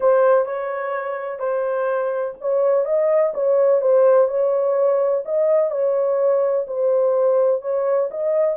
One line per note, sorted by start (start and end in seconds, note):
0.00 0.45 C5
0.45 1.39 C#5
1.39 2.34 C5
2.40 2.85 C#5
2.85 3.32 D#5
3.33 3.81 C#5
3.81 4.28 C5
4.28 5.23 C#5
5.25 5.70 D#5
5.70 6.65 C#5
6.67 7.61 C5
7.61 8.09 C#5
8.10 8.56 D#5